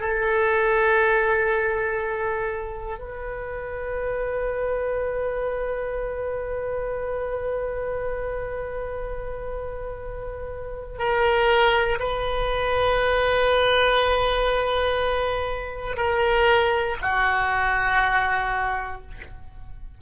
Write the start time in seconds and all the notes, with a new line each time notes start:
0.00 A4
2.99 B4
10.99 A#4
12.00 B4
15.97 A#4
17.01 F#4